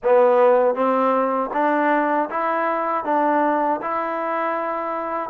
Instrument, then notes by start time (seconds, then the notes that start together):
trombone
0.03 B3
0.74 C4
1.53 D4
2.30 E4
3.04 D4
3.81 E4